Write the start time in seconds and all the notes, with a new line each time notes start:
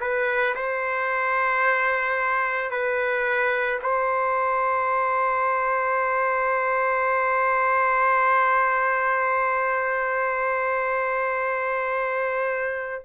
0.00 B4
0.55 C5
2.71 B4
3.82 C5